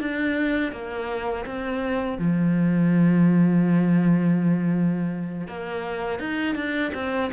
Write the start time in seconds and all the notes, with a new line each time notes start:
0.00 D4
0.72 A#3
1.45 C4
2.19 F3
5.48 A#3
6.19 D#4
6.55 D4
6.94 C4